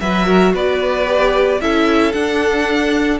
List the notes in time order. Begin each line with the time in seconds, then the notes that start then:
0.00 F#3 F#4 B4 E5
0.26 A#4
0.54 B3 B4 D5
1.06 G4
1.61 C#4 E4 A4 E5
2.13 D4 F#5